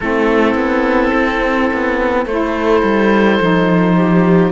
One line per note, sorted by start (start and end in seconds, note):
0.00 0.54 A3
0.00 2.28 C4
0.00 2.25 E4
0.00 2.24 A4
0.54 1.11 B3
1.14 1.70 C4
1.73 2.25 B3
2.25 2.82 A3
2.25 3.41 E4
2.25 3.95 A4
2.25 4.51 C5
2.82 3.39 G3
3.40 4.51 F3
3.40 4.51 D#4
3.95 4.51 G4